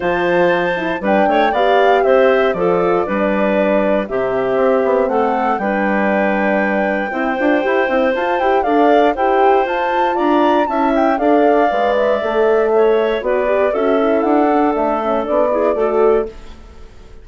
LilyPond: <<
  \new Staff \with { instrumentName = "flute" } { \time 4/4 \tempo 4 = 118 a''2 g''4 f''4 | e''4 d''2. | e''2 fis''4 g''4~ | g''1 |
a''8 g''8 f''4 g''4 a''4 | ais''4 a''8 g''8 f''4. e''8~ | e''2 d''4 e''4 | fis''4 e''4 d''2 | }
  \new Staff \with { instrumentName = "clarinet" } { \time 4/4 c''2 b'8 cis''8 d''4 | c''4 a'4 b'2 | g'2 a'4 b'4~ | b'2 c''2~ |
c''4 d''4 c''2 | d''4 e''4 d''2~ | d''4 cis''4 b'4 a'4~ | a'2~ a'8 gis'8 a'4 | }
  \new Staff \with { instrumentName = "horn" } { \time 4/4 f'4. e'8 d'4 g'4~ | g'4 f'4 d'2 | c'2. d'4~ | d'2 e'8 f'8 g'8 e'8 |
f'8 g'8 a'4 g'4 f'4~ | f'4 e'4 a'4 b'4 | a'2 fis'8 g'8 fis'8 e'8~ | e'8 d'4 cis'8 d'8 e'8 fis'4 | }
  \new Staff \with { instrumentName = "bassoon" } { \time 4/4 f2 g8 a8 b4 | c'4 f4 g2 | c4 c'8 b8 a4 g4~ | g2 c'8 d'8 e'8 c'8 |
f'8 e'8 d'4 e'4 f'4 | d'4 cis'4 d'4 gis4 | a2 b4 cis'4 | d'4 a4 b4 a4 | }
>>